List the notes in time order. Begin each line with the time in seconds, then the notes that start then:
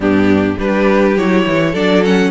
0.00 G2 B3 D4 G4
0.58 G3 D4 G4 B4
1.16 F#3 E4 C#5
1.46 E3
1.72 F#3 D4 A4 D5
2.04 C#4 F#5